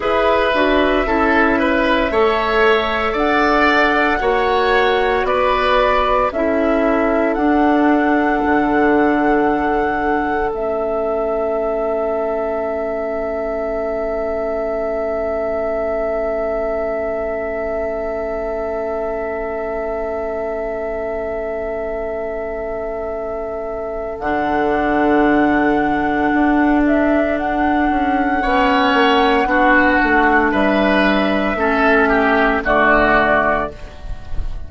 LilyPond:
<<
  \new Staff \with { instrumentName = "flute" } { \time 4/4 \tempo 4 = 57 e''2. fis''4~ | fis''4 d''4 e''4 fis''4~ | fis''2 e''2~ | e''1~ |
e''1~ | e''2. fis''4~ | fis''4. e''8 fis''2~ | fis''4 e''2 d''4 | }
  \new Staff \with { instrumentName = "oboe" } { \time 4/4 b'4 a'8 b'8 cis''4 d''4 | cis''4 b'4 a'2~ | a'1~ | a'1~ |
a'1~ | a'1~ | a'2. cis''4 | fis'4 b'4 a'8 g'8 fis'4 | }
  \new Staff \with { instrumentName = "clarinet" } { \time 4/4 gis'8 fis'8 e'4 a'2 | fis'2 e'4 d'4~ | d'2 cis'2~ | cis'1~ |
cis'1~ | cis'2. d'4~ | d'2. cis'4 | d'2 cis'4 a4 | }
  \new Staff \with { instrumentName = "bassoon" } { \time 4/4 e'8 d'8 cis'4 a4 d'4 | ais4 b4 cis'4 d'4 | d2 a2~ | a1~ |
a1~ | a2. d4~ | d4 d'4. cis'8 b8 ais8 | b8 a8 g4 a4 d4 | }
>>